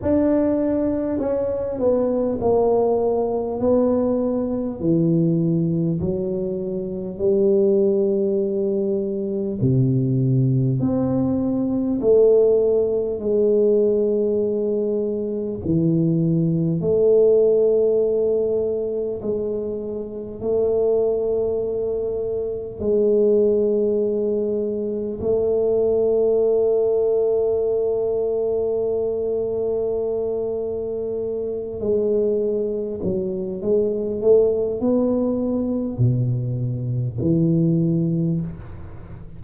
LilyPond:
\new Staff \with { instrumentName = "tuba" } { \time 4/4 \tempo 4 = 50 d'4 cis'8 b8 ais4 b4 | e4 fis4 g2 | c4 c'4 a4 gis4~ | gis4 e4 a2 |
gis4 a2 gis4~ | gis4 a2.~ | a2~ a8 gis4 fis8 | gis8 a8 b4 b,4 e4 | }